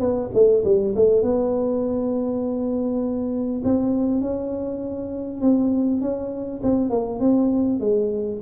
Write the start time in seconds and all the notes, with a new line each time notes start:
0.00 B3
0.34 A3
0.65 G3
0.96 A3
1.23 B3
3.64 C4
4.21 C#4
5.41 C4
6.01 C#4
6.63 C4
6.90 A#3
7.20 C4
7.80 G#3